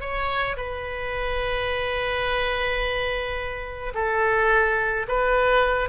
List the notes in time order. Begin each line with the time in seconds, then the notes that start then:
0.00 C#5
0.57 B4
3.94 A4
5.08 B4